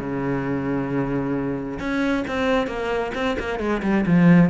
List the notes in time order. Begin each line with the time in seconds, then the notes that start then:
0.00 C#3
1.80 C#4
2.28 C4
2.67 A#3
3.15 C4
3.39 A#3
3.59 G#3
3.83 G3
4.06 F3